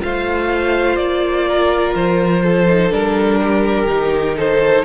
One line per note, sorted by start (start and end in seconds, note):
0.00 0.97 A3
0.00 2.66 F4
0.00 1.48 C5
0.00 0.96 F5
0.96 1.93 A#3
0.96 1.93 D5
1.48 2.44 A#4
1.95 2.92 F3
1.95 2.92 C5
2.44 3.41 A4
2.67 2.90 D#4
2.90 3.86 G3
2.90 3.87 D4
2.90 4.37 A#4
3.42 4.37 G4
3.86 4.83 D#3
3.86 4.84 D#4
4.37 4.84 A4
4.37 4.84 C5